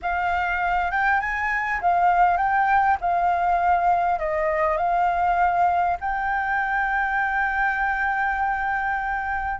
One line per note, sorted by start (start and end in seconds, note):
0.02 0.91 F5
0.91 1.20 G5
1.20 1.80 G#5
1.81 2.37 F5
2.37 2.97 G5
3.00 4.19 F5
4.19 4.77 D#5
4.77 5.97 F5
6.00 9.60 G5